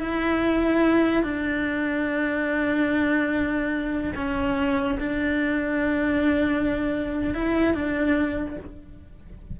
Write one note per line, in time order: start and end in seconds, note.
0.00 1.23 E4
1.23 4.12 D4
4.15 4.98 C#4
4.99 7.34 D4
7.34 7.73 E4
7.73 8.56 D4